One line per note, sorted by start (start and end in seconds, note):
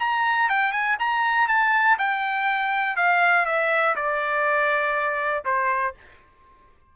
0.00 0.50 A#5
0.50 0.72 G5
0.72 0.97 G#5
1.00 1.49 A#5
1.49 1.98 A5
1.99 2.97 G5
2.97 3.46 F5
3.46 3.96 E5
3.96 5.45 D5
5.45 5.95 C5